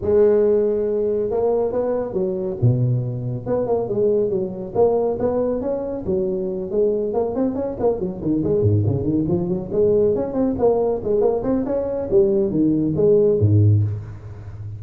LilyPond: \new Staff \with { instrumentName = "tuba" } { \time 4/4 \tempo 4 = 139 gis2. ais4 | b4 fis4 b,2 | b8 ais8 gis4 fis4 ais4 | b4 cis'4 fis4. gis8~ |
gis8 ais8 c'8 cis'8 ais8 fis8 dis8 gis8 | gis,8 cis8 dis8 f8 fis8 gis4 cis'8 | c'8 ais4 gis8 ais8 c'8 cis'4 | g4 dis4 gis4 gis,4 | }